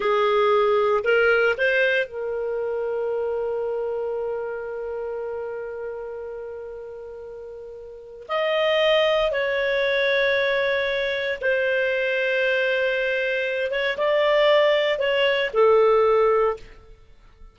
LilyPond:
\new Staff \with { instrumentName = "clarinet" } { \time 4/4 \tempo 4 = 116 gis'2 ais'4 c''4 | ais'1~ | ais'1~ | ais'1 |
dis''2 cis''2~ | cis''2 c''2~ | c''2~ c''8 cis''8 d''4~ | d''4 cis''4 a'2 | }